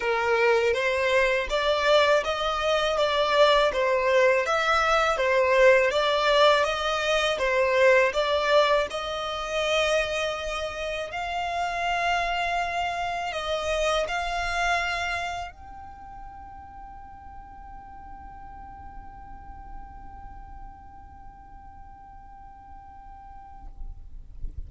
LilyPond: \new Staff \with { instrumentName = "violin" } { \time 4/4 \tempo 4 = 81 ais'4 c''4 d''4 dis''4 | d''4 c''4 e''4 c''4 | d''4 dis''4 c''4 d''4 | dis''2. f''4~ |
f''2 dis''4 f''4~ | f''4 g''2.~ | g''1~ | g''1 | }